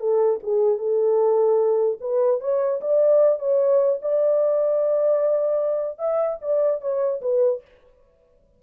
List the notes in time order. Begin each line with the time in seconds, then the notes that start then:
0.00 A4
0.43 G#4
0.79 A4
2.01 B4
2.41 C#5
2.81 D5
3.39 C#5
4.02 D5
5.99 E5
6.42 D5
6.81 C#5
7.22 B4